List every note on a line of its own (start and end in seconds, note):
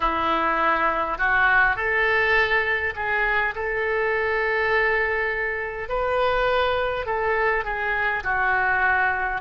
0.00 1.18 E4
1.18 1.75 F#4
1.75 2.93 A4
2.95 3.54 G#4
3.55 5.88 A4
5.88 7.06 B4
7.06 7.64 A4
7.64 8.23 G#4
8.24 9.41 F#4